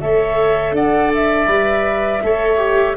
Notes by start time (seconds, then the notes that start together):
0.00 A3 A4 C#5 E5
0.72 D4 D5 F#5
1.14 E5
1.47 G3 B4
2.23 A3 A4 C#5
2.57 G4